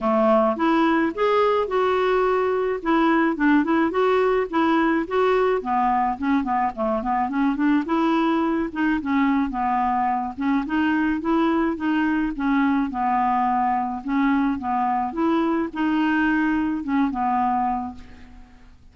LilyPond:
\new Staff \with { instrumentName = "clarinet" } { \time 4/4 \tempo 4 = 107 a4 e'4 gis'4 fis'4~ | fis'4 e'4 d'8 e'8 fis'4 | e'4 fis'4 b4 cis'8 b8 | a8 b8 cis'8 d'8 e'4. dis'8 |
cis'4 b4. cis'8 dis'4 | e'4 dis'4 cis'4 b4~ | b4 cis'4 b4 e'4 | dis'2 cis'8 b4. | }